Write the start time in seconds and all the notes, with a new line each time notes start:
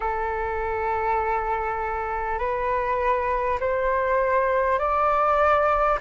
0.00 A4
2.38 B4
3.59 C5
4.78 D5